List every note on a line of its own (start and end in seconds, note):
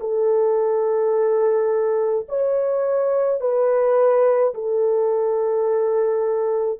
0.00 2.26 A4
2.28 3.40 C#5
3.40 4.53 B4
4.54 6.80 A4